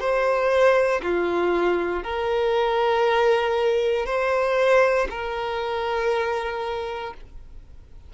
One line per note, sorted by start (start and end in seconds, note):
0.00 1.02 C5
1.02 2.03 F4
2.03 4.06 A#4
4.06 5.08 C5
5.11 7.14 A#4